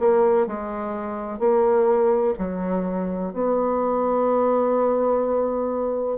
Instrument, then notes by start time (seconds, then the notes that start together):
bassoon
0.00 A#3
0.47 G#3
1.40 A#3
2.39 F#3
3.34 B3